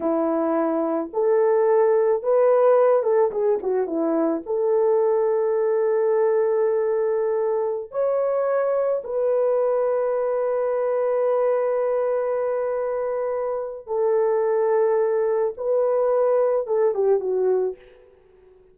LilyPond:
\new Staff \with { instrumentName = "horn" } { \time 4/4 \tempo 4 = 108 e'2 a'2 | b'4. a'8 gis'8 fis'8 e'4 | a'1~ | a'2~ a'16 cis''4.~ cis''16~ |
cis''16 b'2.~ b'8.~ | b'1~ | b'4 a'2. | b'2 a'8 g'8 fis'4 | }